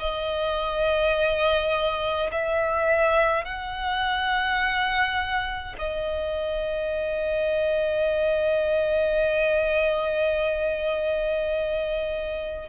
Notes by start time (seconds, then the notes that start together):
0.00 D#5
2.32 E5
3.45 F#5
5.79 D#5